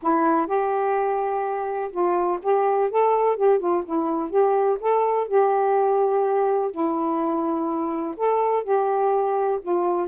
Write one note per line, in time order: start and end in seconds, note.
0.02 0.46 E4
0.46 1.90 G4
1.91 2.39 F4
2.42 2.90 G4
2.90 3.36 A4
3.36 3.59 G4
3.59 3.83 F4
3.85 4.30 E4
4.30 4.78 G4
4.79 5.27 A4
5.27 6.71 G4
6.71 8.15 E4
8.16 8.63 A4
8.63 9.59 G4
9.62 10.08 F4